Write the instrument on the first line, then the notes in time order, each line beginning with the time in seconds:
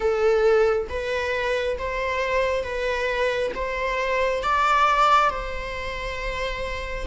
viola
0.00 A4
0.89 B4
1.78 C5
2.63 B4
3.55 C5
4.43 D5
5.29 C5